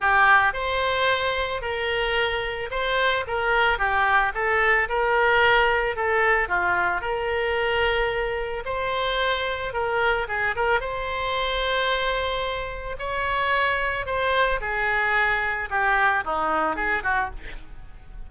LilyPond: \new Staff \with { instrumentName = "oboe" } { \time 4/4 \tempo 4 = 111 g'4 c''2 ais'4~ | ais'4 c''4 ais'4 g'4 | a'4 ais'2 a'4 | f'4 ais'2. |
c''2 ais'4 gis'8 ais'8 | c''1 | cis''2 c''4 gis'4~ | gis'4 g'4 dis'4 gis'8 fis'8 | }